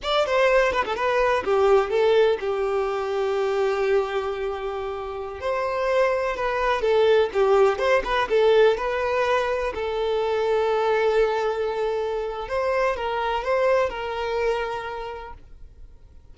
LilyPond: \new Staff \with { instrumentName = "violin" } { \time 4/4 \tempo 4 = 125 d''8 c''4 b'16 a'16 b'4 g'4 | a'4 g'2.~ | g'2.~ g'16 c''8.~ | c''4~ c''16 b'4 a'4 g'8.~ |
g'16 c''8 b'8 a'4 b'4.~ b'16~ | b'16 a'2.~ a'8.~ | a'2 c''4 ais'4 | c''4 ais'2. | }